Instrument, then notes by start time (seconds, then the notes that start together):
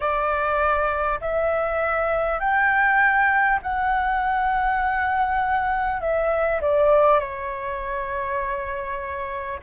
flute
0.00 D5
1.21 E5
2.39 G5
3.62 F#5
6.01 E5
6.61 D5
7.19 C#5